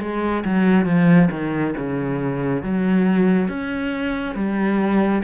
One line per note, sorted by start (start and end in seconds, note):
0.00 0.43 G#3
0.45 0.85 F#3
0.85 1.29 F3
1.31 1.74 D#3
1.77 2.62 C#3
2.62 3.48 F#3
3.48 4.35 C#4
4.35 5.22 G3